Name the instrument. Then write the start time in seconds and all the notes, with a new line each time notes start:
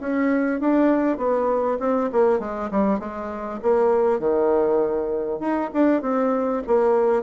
bassoon
0.00 C#4
0.60 D4
1.17 B3
1.79 C4
2.12 A#3
2.39 G#3
2.71 G3
2.99 G#3
3.62 A#3
4.19 D#3
5.40 D#4
5.73 D4
6.02 C4
6.67 A#3